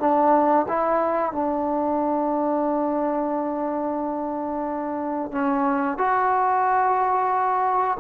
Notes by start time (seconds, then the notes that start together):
0.00 D4
0.69 E4
1.33 D4
5.32 C#4
5.98 F#4